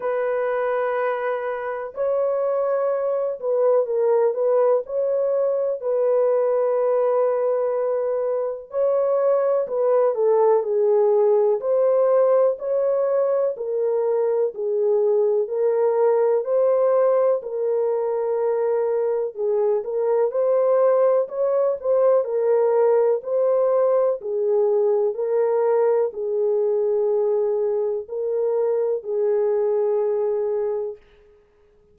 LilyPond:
\new Staff \with { instrumentName = "horn" } { \time 4/4 \tempo 4 = 62 b'2 cis''4. b'8 | ais'8 b'8 cis''4 b'2~ | b'4 cis''4 b'8 a'8 gis'4 | c''4 cis''4 ais'4 gis'4 |
ais'4 c''4 ais'2 | gis'8 ais'8 c''4 cis''8 c''8 ais'4 | c''4 gis'4 ais'4 gis'4~ | gis'4 ais'4 gis'2 | }